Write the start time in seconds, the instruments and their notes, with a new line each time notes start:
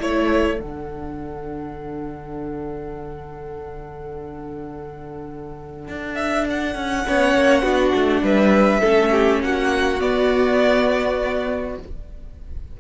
0.00 cello A3, viola E4, violin A4 C#5
0.59 cello D3, viola D4, violin F#5
5.88 cello D4
6.16 violin E5
6.50 violin F#5
6.75 cello C#4
7.07 cello B3, viola C#4, violin C#5
7.35 cello A#3
7.63 cello B3, viola D4, violin F#4
7.95 cello A3
8.22 cello G3, violin B4 E5
8.81 cello A3, viola C#4, violin A4
9.12 violin G4
9.42 cello A#3, violin F#4 F#5
9.99 viola B3, cello B3, violin D5